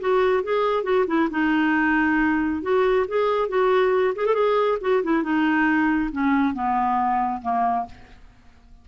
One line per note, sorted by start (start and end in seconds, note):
0.00 0.43 F#4
0.43 0.83 G#4
0.83 1.05 F#4
1.07 1.29 E4
1.31 2.62 D#4
2.62 3.06 F#4
3.08 3.48 G#4
3.48 4.14 F#4
4.15 4.26 G#4
4.26 4.34 A4
4.34 4.78 G#4
4.81 5.03 F#4
5.03 5.23 E4
5.23 6.10 D#4
6.12 6.54 C#4
6.54 7.41 B3
7.42 7.86 A#3